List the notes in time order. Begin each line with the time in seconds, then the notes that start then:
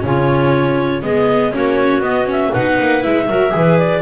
0.00 C#3 C#4 F4 C#5
1.02 G#3 B3 G#4 D#5
1.51 A#3 C#4 F#4 C#5
1.99 B3 D#5
2.25 C#4 E5
2.51 B2 D#4 B4 F#5
2.80 A#3
3.02 G#3 E4 E5
3.27 F#3 F#4 A#4
3.50 E3 G#4 B4
3.78 D5